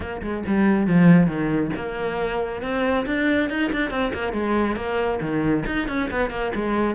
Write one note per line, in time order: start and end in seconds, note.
0.00 0.21 A#3
0.22 0.43 G#3
0.46 0.87 G3
0.87 1.27 F3
1.27 1.70 D#3
1.76 2.62 A#3
2.62 3.05 C4
3.06 3.49 D4
3.49 3.71 D#4
3.72 3.90 D4
3.90 4.12 C4
4.13 4.32 A#3
4.32 4.76 G#3
4.76 5.19 A#3
5.21 5.64 D#3
5.66 5.88 D#4
5.88 6.09 C#4
6.10 6.30 B3
6.30 6.52 A#3
6.54 6.95 G#3